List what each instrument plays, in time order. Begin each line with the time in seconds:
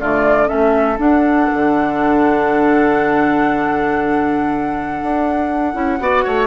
0.00 bassoon D3, clarinet A3, oboe F4, flute D5
0.46 bassoon A3, clarinet C#4, oboe A4, flute E5
0.98 bassoon D4, clarinet D4, flute F#5
1.53 bassoon D3
5.02 bassoon D4
5.73 bassoon C#4, clarinet E4
5.99 bassoon B3, clarinet F#4, oboe D5
6.24 bassoon A3, oboe C#5